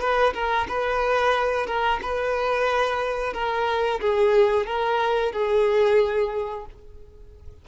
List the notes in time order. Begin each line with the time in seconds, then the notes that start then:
0.00 B4
0.34 A#4
0.68 B4
1.67 A#4
2.02 B4
3.33 A#4
4.01 G#4
4.66 A#4
5.32 G#4